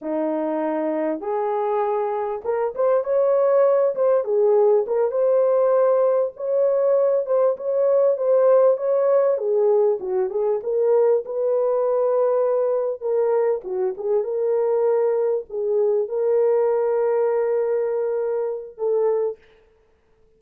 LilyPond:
\new Staff \with { instrumentName = "horn" } { \time 4/4 \tempo 4 = 99 dis'2 gis'2 | ais'8 c''8 cis''4. c''8 gis'4 | ais'8 c''2 cis''4. | c''8 cis''4 c''4 cis''4 gis'8~ |
gis'8 fis'8 gis'8 ais'4 b'4.~ | b'4. ais'4 fis'8 gis'8 ais'8~ | ais'4. gis'4 ais'4.~ | ais'2. a'4 | }